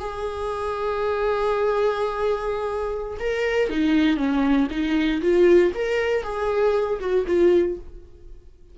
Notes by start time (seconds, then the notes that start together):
0.00 G#4
3.20 A#4
3.70 D#4
4.17 C#4
4.71 D#4
5.22 F4
5.75 A#4
6.24 G#4
7.00 F#4
7.27 F4